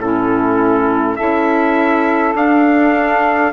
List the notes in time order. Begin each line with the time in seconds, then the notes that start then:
0.00 A2 C#4 E4 A4
1.16 C#4 E4 A4 E5
2.35 D4 F5